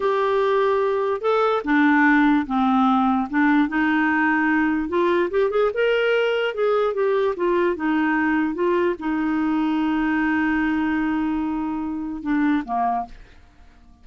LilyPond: \new Staff \with { instrumentName = "clarinet" } { \time 4/4 \tempo 4 = 147 g'2. a'4 | d'2 c'2 | d'4 dis'2. | f'4 g'8 gis'8 ais'2 |
gis'4 g'4 f'4 dis'4~ | dis'4 f'4 dis'2~ | dis'1~ | dis'2 d'4 ais4 | }